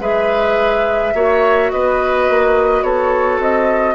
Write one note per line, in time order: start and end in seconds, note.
0.00 1.13 G#3
0.00 1.14 G#4
0.00 1.14 B4
0.00 1.71 E5
1.15 1.71 A#3
1.15 3.95 F#4
1.15 1.72 C#5
1.71 2.30 B3
1.71 2.85 B4
1.71 2.83 D#5
2.30 2.82 A#3
2.82 3.39 B3
2.82 3.95 A4
2.82 3.40 C#5
3.39 3.95 C4
3.39 3.95 D#5